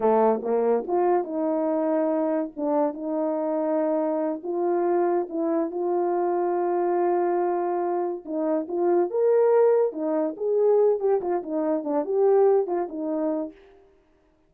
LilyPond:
\new Staff \with { instrumentName = "horn" } { \time 4/4 \tempo 4 = 142 a4 ais4 f'4 dis'4~ | dis'2 d'4 dis'4~ | dis'2~ dis'8 f'4.~ | f'8 e'4 f'2~ f'8~ |
f'2.~ f'8 dis'8~ | dis'8 f'4 ais'2 dis'8~ | dis'8 gis'4. g'8 f'8 dis'4 | d'8 g'4. f'8 dis'4. | }